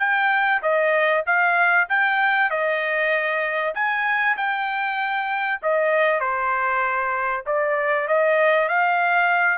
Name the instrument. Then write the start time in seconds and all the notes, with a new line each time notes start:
trumpet
0.00 G5
0.63 D#5
1.27 F5
1.89 G5
2.51 D#5
3.75 G#5
4.37 G5
5.63 D#5
6.21 C5
7.46 D5
8.08 D#5
8.69 F5